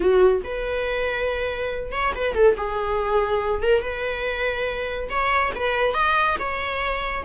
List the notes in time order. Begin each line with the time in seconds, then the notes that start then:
0.00 F#4
0.44 B4
1.91 C#5
2.15 B4
2.34 A4
2.57 G#4
3.62 A#4
3.81 B4
5.09 C#5
5.55 B4
5.94 D#5
6.39 C#5